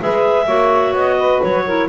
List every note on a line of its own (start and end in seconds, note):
0.00 0.47 G#3
0.00 0.47 G#4
0.00 0.45 B4
0.00 0.96 E5
0.45 0.93 A#3
0.45 1.65 F#4
0.45 1.16 C#5
0.93 1.40 B3
0.93 1.42 D#5
1.18 1.65 B4
1.42 1.88 F#3
1.42 1.88 C#5
1.65 1.88 E4
1.65 1.88 A#4